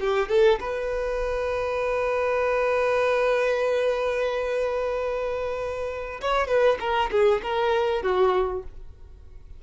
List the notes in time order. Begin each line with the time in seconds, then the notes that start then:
0.00 G4
0.29 A4
0.60 B4
6.21 C#5
6.48 B4
6.80 A#4
7.11 G#4
7.43 A#4
8.02 F#4